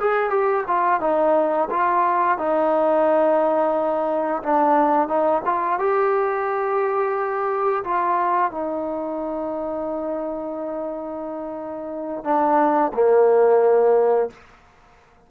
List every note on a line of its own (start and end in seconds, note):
0.00 0.30 G#4
0.30 0.64 G4
0.67 1.01 F4
1.01 1.69 D#4
1.70 2.38 F4
2.38 4.43 D#4
4.43 5.08 D4
5.08 5.42 D#4
5.45 5.79 F4
5.79 7.84 G4
7.84 8.51 F4
8.51 12.24 D#4
12.24 12.92 D4
12.94 14.30 A#3